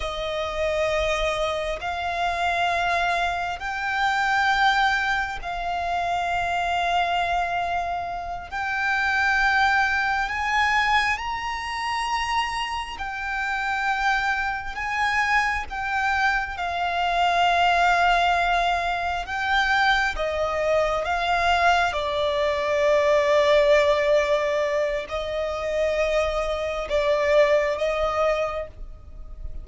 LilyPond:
\new Staff \with { instrumentName = "violin" } { \time 4/4 \tempo 4 = 67 dis''2 f''2 | g''2 f''2~ | f''4. g''2 gis''8~ | gis''8 ais''2 g''4.~ |
g''8 gis''4 g''4 f''4.~ | f''4. g''4 dis''4 f''8~ | f''8 d''2.~ d''8 | dis''2 d''4 dis''4 | }